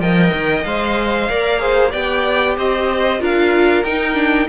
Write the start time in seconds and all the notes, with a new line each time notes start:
0.00 F3 A#4 D#5 G5
0.33 D#3
0.64 G#3 C5 F5
1.30 A#3 A#4 D5
1.60 G#4 C5
1.91 B3 G4 D5 G5
2.58 C4 C5 D#5
3.20 D4 F4 A#4 F5
3.84 D#4 G5
4.15 D4